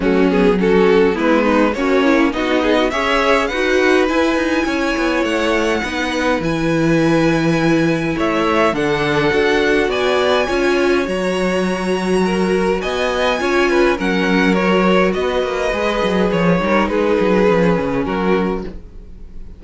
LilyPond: <<
  \new Staff \with { instrumentName = "violin" } { \time 4/4 \tempo 4 = 103 fis'8 gis'8 a'4 b'4 cis''4 | dis''4 e''4 fis''4 gis''4~ | gis''4 fis''2 gis''4~ | gis''2 e''4 fis''4~ |
fis''4 gis''2 ais''4~ | ais''2 gis''2 | fis''4 cis''4 dis''2 | cis''4 b'2 ais'4 | }
  \new Staff \with { instrumentName = "violin" } { \time 4/4 cis'4 fis'4 e'8 dis'8 cis'4 | fis'8 gis'16 fis'16 cis''4 b'2 | cis''2 b'2~ | b'2 cis''4 a'4~ |
a'4 d''4 cis''2~ | cis''4 ais'4 dis''4 cis''8 b'8 | ais'2 b'2~ | b'8 ais'8 gis'2 fis'4 | }
  \new Staff \with { instrumentName = "viola" } { \time 4/4 a8 b8 cis'4 b4 fis'8 e'8 | dis'4 gis'4 fis'4 e'4~ | e'2 dis'4 e'4~ | e'2. d'4 |
fis'2 f'4 fis'4~ | fis'2. f'4 | cis'4 fis'2 gis'4~ | gis'8 dis'4. cis'2 | }
  \new Staff \with { instrumentName = "cello" } { \time 4/4 fis2 gis4 ais4 | b4 cis'4 dis'4 e'8 dis'8 | cis'8 b8 a4 b4 e4~ | e2 a4 d4 |
d'4 b4 cis'4 fis4~ | fis2 b4 cis'4 | fis2 b8 ais8 gis8 fis8 | f8 g8 gis8 fis8 f8 cis8 fis4 | }
>>